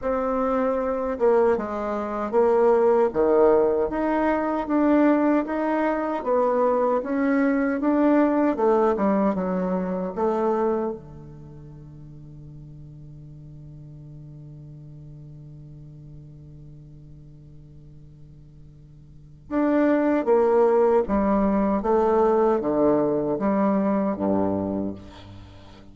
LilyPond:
\new Staff \with { instrumentName = "bassoon" } { \time 4/4 \tempo 4 = 77 c'4. ais8 gis4 ais4 | dis4 dis'4 d'4 dis'4 | b4 cis'4 d'4 a8 g8 | fis4 a4 d2~ |
d1~ | d1~ | d4 d'4 ais4 g4 | a4 d4 g4 g,4 | }